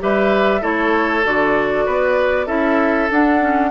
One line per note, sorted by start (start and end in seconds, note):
0.00 0.63 G3
0.00 0.61 G4
0.00 0.62 B4
0.00 0.64 E5
0.61 1.24 A3
0.61 1.23 E4
0.61 1.85 A4
0.61 1.26 C#5
1.25 1.87 D3
1.25 2.47 F#4
1.25 2.47 D5
1.86 2.47 B3
1.86 2.47 B4
2.47 3.09 C#4
2.47 3.09 E4
2.47 3.70 A4
2.47 3.09 E5
3.11 3.71 D4
3.11 3.40 D4
3.11 3.71 F#5
3.40 3.71 C#4